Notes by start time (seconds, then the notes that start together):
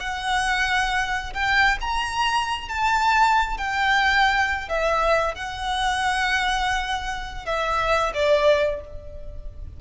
0.00 F#5
1.34 G5
1.81 A#5
2.69 A5
3.58 G5
4.69 E5
5.35 F#5
7.46 E5
8.14 D5